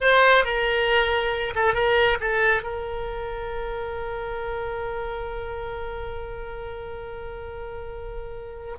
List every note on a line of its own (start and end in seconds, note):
0.01 0.44 C5
0.44 1.53 A#4
1.55 1.74 A4
1.74 2.18 A#4
2.20 2.63 A4
2.63 8.76 A#4